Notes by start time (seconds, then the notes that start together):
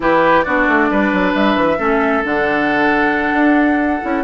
0.00 E3 E4 G4 B4
0.42 B3 D4 F#4 D5
0.67 A3
0.90 G3 B4
1.12 F#3
1.34 G3 E5
1.56 E3
1.78 A3 C#4 A4
2.23 D3 D4 F#5
3.32 D4
4.02 C#4 E4